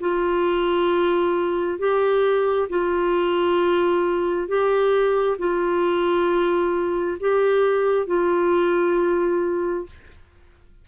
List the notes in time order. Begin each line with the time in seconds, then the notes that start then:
0.00 F4
1.79 G4
2.69 F4
4.48 G4
5.38 F4
7.20 G4
8.07 F4